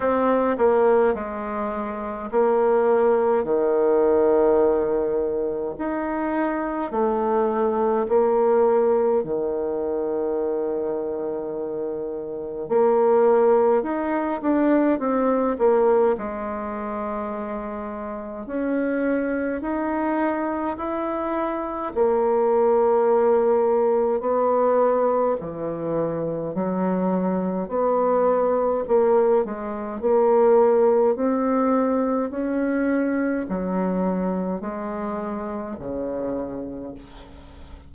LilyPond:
\new Staff \with { instrumentName = "bassoon" } { \time 4/4 \tempo 4 = 52 c'8 ais8 gis4 ais4 dis4~ | dis4 dis'4 a4 ais4 | dis2. ais4 | dis'8 d'8 c'8 ais8 gis2 |
cis'4 dis'4 e'4 ais4~ | ais4 b4 e4 fis4 | b4 ais8 gis8 ais4 c'4 | cis'4 fis4 gis4 cis4 | }